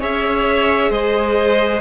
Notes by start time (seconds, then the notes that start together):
0.00 C#4 G#4 C#5 E5
0.91 G#3 C5 D#5